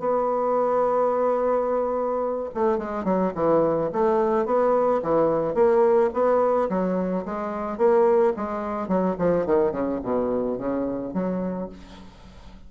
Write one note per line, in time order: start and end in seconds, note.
0.00 2.50 B3
2.55 2.79 A3
2.79 3.05 G#3
3.05 3.33 F#3
3.35 3.91 E3
3.93 4.46 A3
4.46 5.02 B3
5.03 5.55 E3
5.55 6.10 A#3
6.14 6.69 B3
6.70 7.25 F#3
7.26 7.78 G#3
7.78 8.34 A#3
8.37 8.88 G#3
8.88 9.16 F#3
9.19 9.46 F3
9.46 9.72 D#3
9.72 10.00 C#3
10.04 10.59 B2
10.59 11.14 C#3
11.14 11.70 F#3